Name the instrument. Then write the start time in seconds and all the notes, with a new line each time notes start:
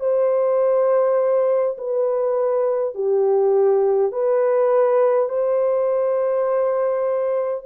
horn
0.00 C5
1.78 B4
2.95 G4
4.12 B4
5.29 C5